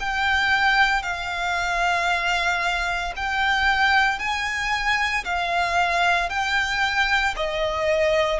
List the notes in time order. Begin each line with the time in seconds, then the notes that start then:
0.00 G5
1.03 F5
3.16 G5
4.19 G#5
5.25 F5
6.30 G5
7.36 D#5